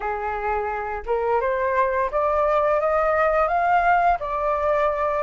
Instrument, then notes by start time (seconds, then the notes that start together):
flute
0.00 G#4
1.06 A#4
1.40 C5
2.11 D5
2.80 D#5
3.48 F5
4.19 D5